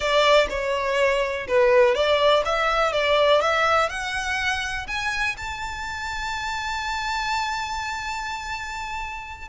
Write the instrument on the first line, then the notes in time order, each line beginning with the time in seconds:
violin
0.00 D5
0.49 C#5
1.47 B4
1.94 D5
2.45 E5
2.92 D5
3.41 E5
3.89 F#5
4.87 G#5
5.37 A5